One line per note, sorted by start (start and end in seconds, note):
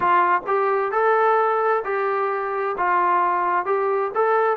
0.00 0.41 F4
0.46 0.91 G4
0.91 1.83 A4
1.84 2.76 G4
2.77 3.65 F4
3.65 4.11 G4
4.14 4.57 A4